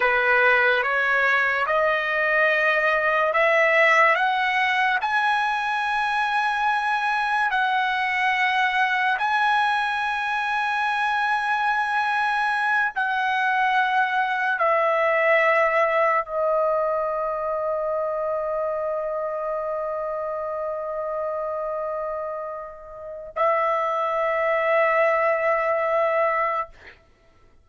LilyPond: \new Staff \with { instrumentName = "trumpet" } { \time 4/4 \tempo 4 = 72 b'4 cis''4 dis''2 | e''4 fis''4 gis''2~ | gis''4 fis''2 gis''4~ | gis''2.~ gis''8 fis''8~ |
fis''4. e''2 dis''8~ | dis''1~ | dis''1 | e''1 | }